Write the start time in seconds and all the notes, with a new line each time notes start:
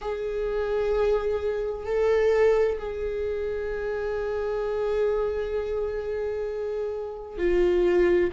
0.01 G#4
1.85 A4
2.78 G#4
7.38 F4